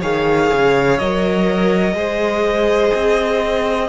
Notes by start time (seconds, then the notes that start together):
0.00 D#3 G#4 C#5 F5
0.53 C#3
0.98 F#3 A#4 D#5
1.93 G#3 G#4 C5
2.94 C4